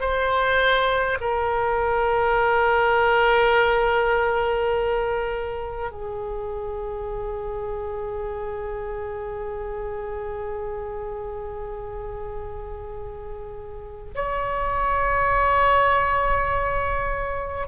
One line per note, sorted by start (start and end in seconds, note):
0.00 1.18 C5
1.20 5.91 A#4
5.91 14.14 G#4
14.15 17.67 C#5